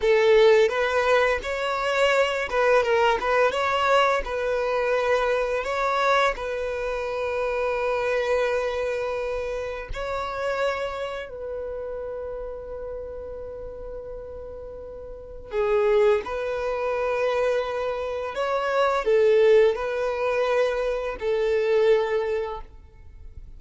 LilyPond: \new Staff \with { instrumentName = "violin" } { \time 4/4 \tempo 4 = 85 a'4 b'4 cis''4. b'8 | ais'8 b'8 cis''4 b'2 | cis''4 b'2.~ | b'2 cis''2 |
b'1~ | b'2 gis'4 b'4~ | b'2 cis''4 a'4 | b'2 a'2 | }